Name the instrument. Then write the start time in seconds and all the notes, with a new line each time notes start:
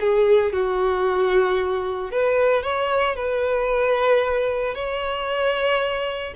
violin
0.00 G#4
0.53 F#4
2.11 B4
2.63 C#5
3.16 B4
4.74 C#5